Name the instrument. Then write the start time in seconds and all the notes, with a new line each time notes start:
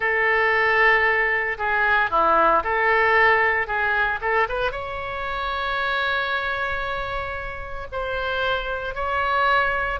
oboe
0.00 A4
1.58 G#4
2.10 E4
2.63 A4
3.67 G#4
4.21 A4
4.49 B4
4.71 C#5
7.92 C5
8.94 C#5